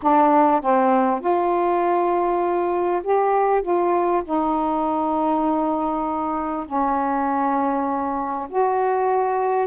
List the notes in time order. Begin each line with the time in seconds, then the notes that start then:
0.02 D4
0.61 C4
1.20 F4
3.03 G4
3.62 F4
4.24 D#4
6.66 C#4
8.49 F#4